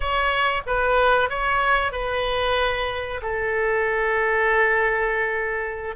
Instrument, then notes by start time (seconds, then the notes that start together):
oboe
0.00 C#5
0.66 B4
1.29 C#5
1.91 B4
3.22 A4